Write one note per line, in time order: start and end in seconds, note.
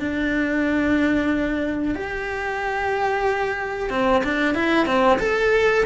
0.00 1.95 D4
1.95 3.90 G4
3.90 4.23 C4
4.24 4.55 D4
4.55 4.87 E4
4.87 5.19 C4
5.20 5.85 A4